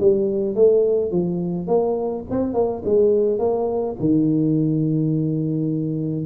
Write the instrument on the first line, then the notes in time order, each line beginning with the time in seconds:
tuba
0.00 G3
0.55 A3
1.11 F3
1.67 A#3
2.30 C4
2.54 A#3
2.85 G#3
3.39 A#3
4.00 D#3